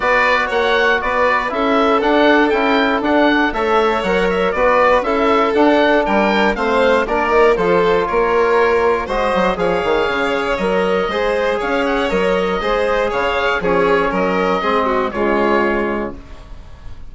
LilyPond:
<<
  \new Staff \with { instrumentName = "oboe" } { \time 4/4 \tempo 4 = 119 d''4 fis''4 d''4 e''4 | fis''4 g''4 fis''4 e''4 | fis''8 e''8 d''4 e''4 fis''4 | g''4 f''4 d''4 c''4 |
cis''2 dis''4 f''4~ | f''4 dis''2 f''8 fis''8 | dis''2 f''4 cis''4 | dis''2 cis''2 | }
  \new Staff \with { instrumentName = "violin" } { \time 4/4 b'4 cis''4 b'4 a'4~ | a'2. cis''4~ | cis''4 b'4 a'2 | ais'4 c''4 ais'4 a'4 |
ais'2 c''4 cis''4~ | cis''2 c''4 cis''4~ | cis''4 c''4 cis''4 gis'4 | ais'4 gis'8 fis'8 f'2 | }
  \new Staff \with { instrumentName = "trombone" } { \time 4/4 fis'2. e'4 | d'4 e'4 d'4 a'4 | ais'4 fis'4 e'4 d'4~ | d'4 c'4 d'8 dis'8 f'4~ |
f'2 fis'4 gis'4~ | gis'4 ais'4 gis'2 | ais'4 gis'2 cis'4~ | cis'4 c'4 gis2 | }
  \new Staff \with { instrumentName = "bassoon" } { \time 4/4 b4 ais4 b4 cis'4 | d'4 cis'4 d'4 a4 | fis4 b4 cis'4 d'4 | g4 a4 ais4 f4 |
ais2 gis8 fis8 f8 dis8 | cis4 fis4 gis4 cis'4 | fis4 gis4 cis4 f4 | fis4 gis4 cis2 | }
>>